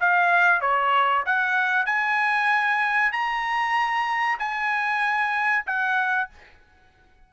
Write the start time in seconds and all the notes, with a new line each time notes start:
0.00 F5
0.61 C#5
1.26 F#5
1.86 G#5
3.12 A#5
4.39 G#5
5.66 F#5